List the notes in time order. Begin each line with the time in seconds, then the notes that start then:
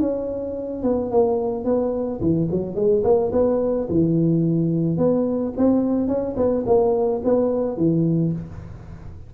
0.00 C#4
0.83 B3
1.11 A#3
1.65 B3
2.21 E3
2.51 F#3
2.76 G#3
3.04 A#3
3.32 B3
3.90 E3
4.97 B3
5.57 C4
6.08 C#4
6.37 B3
6.67 A#3
7.24 B3
7.77 E3